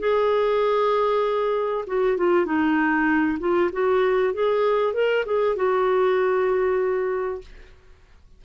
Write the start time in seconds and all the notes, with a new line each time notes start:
0.00 G#4
1.87 F#4
2.18 F4
2.46 D#4
3.40 F4
3.73 F#4
4.34 G#4
4.94 A#4
5.26 G#4
5.56 F#4